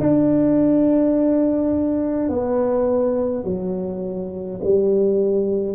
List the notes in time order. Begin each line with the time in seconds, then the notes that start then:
0.00 D4
2.29 B3
3.44 F#3
4.64 G3